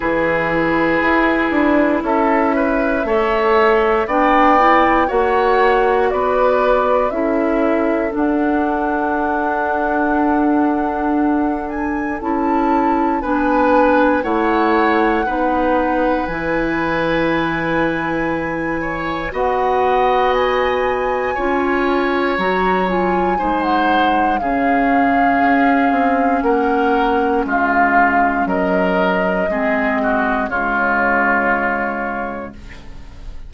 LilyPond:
<<
  \new Staff \with { instrumentName = "flute" } { \time 4/4 \tempo 4 = 59 b'2 e''2 | g''4 fis''4 d''4 e''4 | fis''2.~ fis''8 gis''8 | a''4 gis''4 fis''2 |
gis''2. fis''4 | gis''2 ais''8 gis''8. fis''8. | f''2 fis''4 f''4 | dis''2 cis''2 | }
  \new Staff \with { instrumentName = "oboe" } { \time 4/4 gis'2 a'8 b'8 cis''4 | d''4 cis''4 b'4 a'4~ | a'1~ | a'4 b'4 cis''4 b'4~ |
b'2~ b'8 cis''8 dis''4~ | dis''4 cis''2 c''4 | gis'2 ais'4 f'4 | ais'4 gis'8 fis'8 f'2 | }
  \new Staff \with { instrumentName = "clarinet" } { \time 4/4 e'2. a'4 | d'8 e'8 fis'2 e'4 | d'1 | e'4 d'4 e'4 dis'4 |
e'2. fis'4~ | fis'4 f'4 fis'8 f'8 dis'4 | cis'1~ | cis'4 c'4 gis2 | }
  \new Staff \with { instrumentName = "bassoon" } { \time 4/4 e4 e'8 d'8 cis'4 a4 | b4 ais4 b4 cis'4 | d'1 | cis'4 b4 a4 b4 |
e2. b4~ | b4 cis'4 fis4 gis4 | cis4 cis'8 c'8 ais4 gis4 | fis4 gis4 cis2 | }
>>